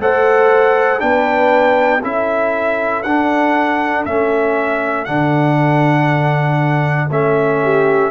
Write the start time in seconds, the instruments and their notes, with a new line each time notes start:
0.00 tuba A3, trombone A4, horn C5, trumpet F#5
0.99 tuba B3, trombone D4, horn B4, trumpet G5
2.02 tuba C#4, trombone E4, horn A4, trumpet E5
3.03 tuba D4, trombone D4, trumpet F#5
4.06 tuba A3, trombone C#4, trumpet E5
5.05 tuba D3, trombone D4, trumpet F#5
7.11 tuba A3, trombone C#4, trumpet E5
7.63 horn G4